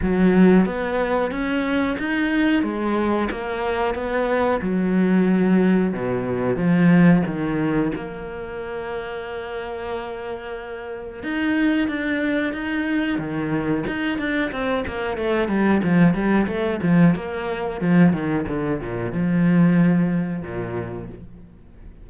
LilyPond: \new Staff \with { instrumentName = "cello" } { \time 4/4 \tempo 4 = 91 fis4 b4 cis'4 dis'4 | gis4 ais4 b4 fis4~ | fis4 b,4 f4 dis4 | ais1~ |
ais4 dis'4 d'4 dis'4 | dis4 dis'8 d'8 c'8 ais8 a8 g8 | f8 g8 a8 f8 ais4 f8 dis8 | d8 ais,8 f2 ais,4 | }